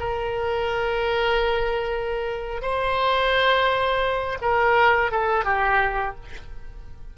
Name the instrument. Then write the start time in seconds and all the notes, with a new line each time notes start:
oboe
0.00 A#4
2.62 C5
4.42 A#4
5.12 A4
5.45 G4